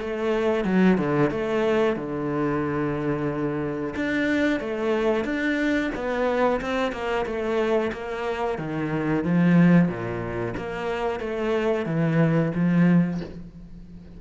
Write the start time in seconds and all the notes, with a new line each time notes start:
0.00 A3
0.65 F#3
0.98 D3
1.31 A3
1.96 D3
3.96 D4
4.60 A3
5.25 D4
5.95 B3
6.61 C4
6.92 A#3
7.26 A3
7.93 A#3
8.58 D#3
9.24 F3
9.88 A#2
10.57 A#3
11.20 A3
11.86 E3
12.55 F3